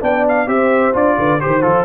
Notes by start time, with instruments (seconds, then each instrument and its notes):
0.00 tuba B3, trombone D4, horn D5, trumpet G5
0.28 trumpet F5
0.46 tuba C4, trombone G4, horn C5, trumpet E5
0.93 tuba D4, trombone F4, trumpet D5
1.18 tuba D3, horn B4
1.40 tuba D#3, trombone G4, trumpet C5, horn C5
1.61 tuba F3, trombone F4, trumpet A4